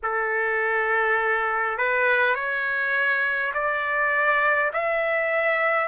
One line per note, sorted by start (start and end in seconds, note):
0.03 1.78 A4
1.78 2.34 B4
2.34 3.52 C#5
3.53 4.71 D5
4.73 5.88 E5